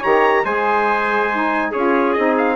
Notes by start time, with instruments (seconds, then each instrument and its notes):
0.00 bassoon D#3, saxophone G4, trumpet C#5 A#5
0.45 bassoon G#3, saxophone G#4, trumpet C5 G#5
1.32 saxophone D#4
1.71 bassoon C#4, saxophone F4, trumpet G#4 C#5
2.13 bassoon C4, saxophone D#4, trumpet D#5
2.38 trumpet F5